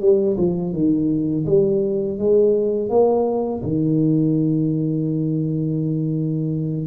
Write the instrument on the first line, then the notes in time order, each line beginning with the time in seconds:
tuba
0.00 G3
0.37 F3
0.73 D#3
1.46 G3
2.18 G#3
2.89 A#3
3.63 D#3